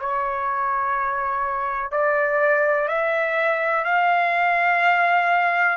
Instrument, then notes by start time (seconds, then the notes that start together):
trumpet
0.00 C#5
1.92 D5
2.89 E5
3.85 F5